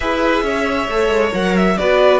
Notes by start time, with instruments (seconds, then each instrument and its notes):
0.00 cello E4, viola G#4, violin B4 E5
0.42 cello C#4, violin C#5
0.88 cello A3, viola A4
1.09 cello G#3
1.32 cello F#3, viola A#4, violin F#5
1.56 violin E5
1.77 cello B3, viola F#4, violin B4 D5